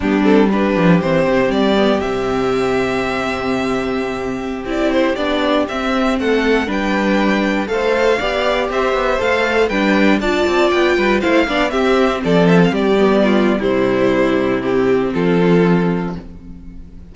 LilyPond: <<
  \new Staff \with { instrumentName = "violin" } { \time 4/4 \tempo 4 = 119 g'8 a'8 b'4 c''4 d''4 | e''1~ | e''4~ e''16 d''8 c''8 d''4 e''8.~ | e''16 fis''4 g''2 f''8.~ |
f''4~ f''16 e''4 f''4 g''8.~ | g''16 a''4 g''4 f''4 e''8.~ | e''16 d''8 e''16 f''16 d''4.~ d''16 c''4~ | c''4 g'4 a'2 | }
  \new Staff \with { instrumentName = "violin" } { \time 4/4 d'4 g'2.~ | g'1~ | g'1~ | g'16 a'4 b'2 c''8.~ |
c''16 d''4 c''2 b'8.~ | b'16 d''4. b'8 c''8 d''8 g'8.~ | g'16 a'4 g'4 f'8. e'4~ | e'2 f'2 | }
  \new Staff \with { instrumentName = "viola" } { \time 4/4 b8 c'8 d'4 c'4. b8 | c'1~ | c'4~ c'16 e'4 d'4 c'8.~ | c'4~ c'16 d'2 a'8.~ |
a'16 g'2 a'4 d'8.~ | d'16 f'2 e'8 d'8 c'8.~ | c'4.~ c'16 b4~ b16 g4~ | g4 c'2. | }
  \new Staff \with { instrumentName = "cello" } { \time 4/4 g4. f8 e8 c8 g4 | c1~ | c4~ c16 c'4 b4 c'8.~ | c'16 a4 g2 a8.~ |
a16 b4 c'8 b8 a4 g8.~ | g16 d'8 c'8 b8 g8 a8 b8 c'8.~ | c'16 f4 g4.~ g16 c4~ | c2 f2 | }
>>